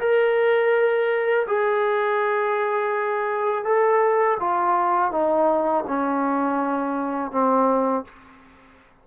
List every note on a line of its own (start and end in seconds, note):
0.00 1.46 A#4
1.47 3.65 G#4
3.65 4.38 A4
4.40 5.11 F4
5.11 5.84 D#4
5.87 7.31 C#4
7.31 8.05 C4